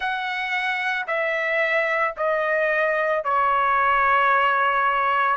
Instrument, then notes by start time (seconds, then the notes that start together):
trumpet
0.00 F#5
1.07 E5
2.16 D#5
3.24 C#5